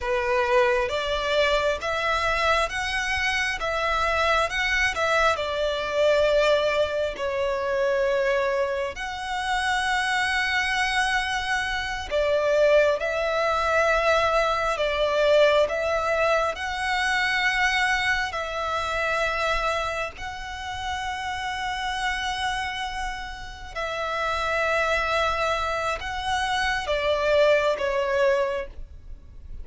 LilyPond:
\new Staff \with { instrumentName = "violin" } { \time 4/4 \tempo 4 = 67 b'4 d''4 e''4 fis''4 | e''4 fis''8 e''8 d''2 | cis''2 fis''2~ | fis''4. d''4 e''4.~ |
e''8 d''4 e''4 fis''4.~ | fis''8 e''2 fis''4.~ | fis''2~ fis''8 e''4.~ | e''4 fis''4 d''4 cis''4 | }